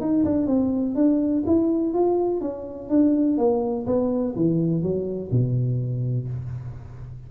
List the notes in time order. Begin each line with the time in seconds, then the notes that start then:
0.00 D#4
0.25 D4
0.46 C4
0.95 D4
1.46 E4
1.93 F4
2.41 C#4
2.89 D4
3.37 A#3
3.86 B3
4.35 E3
4.82 F#3
5.31 B2